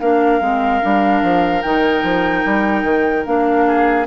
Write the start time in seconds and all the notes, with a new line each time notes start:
0.00 A#3 D4 A#4 F5
0.40 G#3 C4
0.81 G3 D4
1.22 F3
1.62 D#3 D#4 G5
2.03 F3
2.45 G3
2.83 D#3
3.25 A#3 D4 F5
3.67 G#4